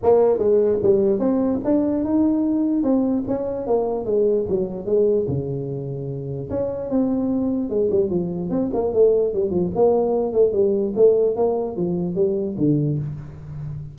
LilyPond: \new Staff \with { instrumentName = "tuba" } { \time 4/4 \tempo 4 = 148 ais4 gis4 g4 c'4 | d'4 dis'2 c'4 | cis'4 ais4 gis4 fis4 | gis4 cis2. |
cis'4 c'2 gis8 g8 | f4 c'8 ais8 a4 g8 f8 | ais4. a8 g4 a4 | ais4 f4 g4 d4 | }